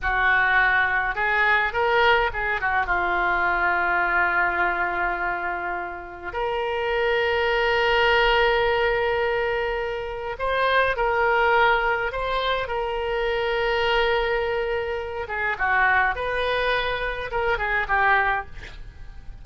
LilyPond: \new Staff \with { instrumentName = "oboe" } { \time 4/4 \tempo 4 = 104 fis'2 gis'4 ais'4 | gis'8 fis'8 f'2.~ | f'2. ais'4~ | ais'1~ |
ais'2 c''4 ais'4~ | ais'4 c''4 ais'2~ | ais'2~ ais'8 gis'8 fis'4 | b'2 ais'8 gis'8 g'4 | }